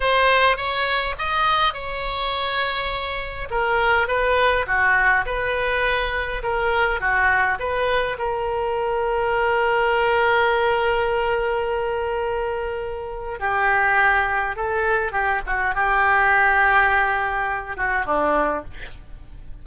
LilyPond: \new Staff \with { instrumentName = "oboe" } { \time 4/4 \tempo 4 = 103 c''4 cis''4 dis''4 cis''4~ | cis''2 ais'4 b'4 | fis'4 b'2 ais'4 | fis'4 b'4 ais'2~ |
ais'1~ | ais'2. g'4~ | g'4 a'4 g'8 fis'8 g'4~ | g'2~ g'8 fis'8 d'4 | }